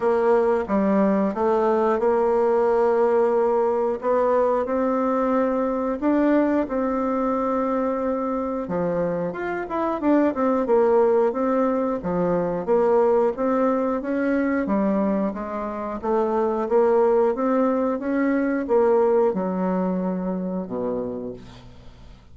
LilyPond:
\new Staff \with { instrumentName = "bassoon" } { \time 4/4 \tempo 4 = 90 ais4 g4 a4 ais4~ | ais2 b4 c'4~ | c'4 d'4 c'2~ | c'4 f4 f'8 e'8 d'8 c'8 |
ais4 c'4 f4 ais4 | c'4 cis'4 g4 gis4 | a4 ais4 c'4 cis'4 | ais4 fis2 b,4 | }